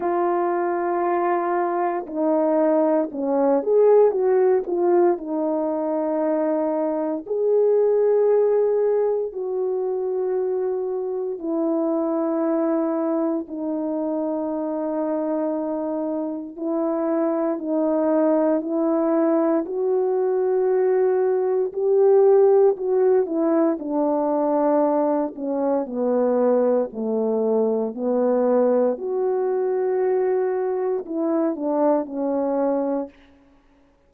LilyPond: \new Staff \with { instrumentName = "horn" } { \time 4/4 \tempo 4 = 58 f'2 dis'4 cis'8 gis'8 | fis'8 f'8 dis'2 gis'4~ | gis'4 fis'2 e'4~ | e'4 dis'2. |
e'4 dis'4 e'4 fis'4~ | fis'4 g'4 fis'8 e'8 d'4~ | d'8 cis'8 b4 a4 b4 | fis'2 e'8 d'8 cis'4 | }